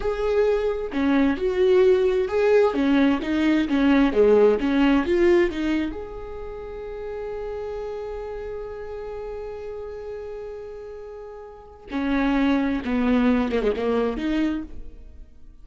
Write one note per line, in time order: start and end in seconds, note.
0.00 0.91 G#4
0.92 1.36 C#4
1.36 2.28 F#4
2.28 2.74 G#4
2.74 3.19 C#4
3.22 3.67 D#4
3.68 4.12 C#4
4.12 4.58 G#3
4.59 5.05 C#4
5.05 5.50 F4
5.50 5.91 D#4
5.91 11.86 G#4
11.90 12.82 C#4
12.85 13.52 B3
13.52 13.61 A#3
13.61 13.73 G#3
13.76 14.17 A#3
14.17 14.62 D#4